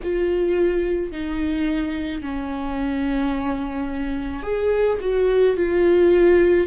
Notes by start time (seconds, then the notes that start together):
0.03 F4
1.11 D#4
2.22 C#4
4.42 G#4
5.01 F#4
5.56 F4